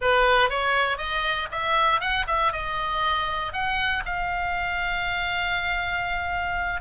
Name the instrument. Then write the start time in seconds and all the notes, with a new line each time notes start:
oboe
0.01 B4
0.49 C#5
0.97 D#5
1.51 E5
2.00 F#5
2.27 E5
2.52 D#5
3.52 F#5
4.05 F5